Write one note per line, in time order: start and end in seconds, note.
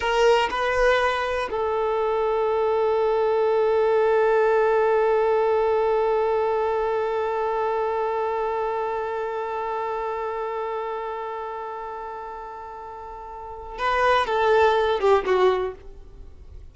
0.00 0.49 A#4
0.50 1.48 B4
1.50 13.78 A4
13.78 14.26 B4
14.26 15.00 A4
15.00 15.24 G4
15.25 15.74 F#4